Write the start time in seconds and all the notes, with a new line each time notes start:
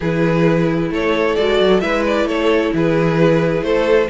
0.00 E3 E4 G#4 B4
0.90 A3 A4 C#5
1.35 G#3 F#4 D5
1.60 F#3
1.80 G#3 E4 B4 E5
2.06 D5
2.25 A3 A4 C#5
2.73 E3 G#4 B4
3.62 A3 A4 C5